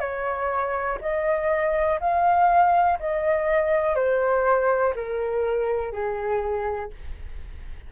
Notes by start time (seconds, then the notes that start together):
0.00 C#5
1.01 D#5
2.00 F5
3.00 D#5
3.96 C5
4.96 A#4
5.93 G#4